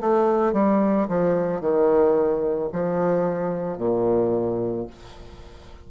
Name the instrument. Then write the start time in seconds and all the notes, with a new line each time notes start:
bassoon
0.00 A3
0.53 G3
1.08 F3
1.60 D#3
2.72 F3
3.77 A#2